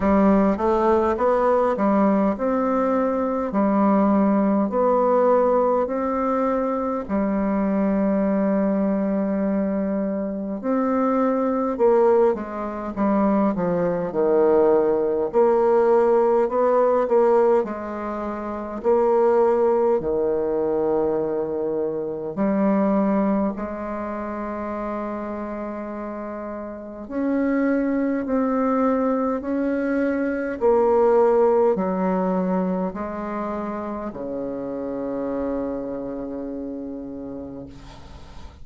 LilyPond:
\new Staff \with { instrumentName = "bassoon" } { \time 4/4 \tempo 4 = 51 g8 a8 b8 g8 c'4 g4 | b4 c'4 g2~ | g4 c'4 ais8 gis8 g8 f8 | dis4 ais4 b8 ais8 gis4 |
ais4 dis2 g4 | gis2. cis'4 | c'4 cis'4 ais4 fis4 | gis4 cis2. | }